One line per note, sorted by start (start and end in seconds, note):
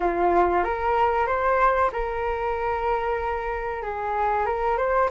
0.00 0.64 F4
0.64 1.26 A#4
1.26 1.90 C5
1.92 3.82 A#4
3.82 4.46 G#4
4.46 4.77 A#4
4.77 5.09 C5